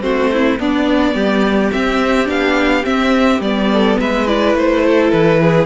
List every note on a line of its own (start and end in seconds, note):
0.00 0.59 A3
0.00 0.57 C4
0.00 0.31 F#4
0.00 0.58 C5
0.32 0.59 E4
0.58 1.71 B3
0.58 1.14 B3
0.58 1.14 D4
0.58 1.71 D5
1.14 1.71 G3
1.14 3.69 G4
1.71 2.25 C4
1.71 2.28 C4
1.71 2.28 E5
2.25 2.84 B3
2.25 2.82 D4
2.25 2.84 F5
2.83 3.40 C4
2.83 3.41 E5
3.40 3.96 G3
3.40 4.27 B3
3.40 3.98 D5
3.72 4.00 A4
3.99 4.55 G#3
3.99 4.85 B4
3.99 4.27 E5
4.27 5.65 E4
4.27 4.55 D5
4.55 5.11 A3
4.55 5.11 C5
4.85 5.41 A4
5.11 5.65 E3
5.11 5.65 B4
5.41 5.65 G#4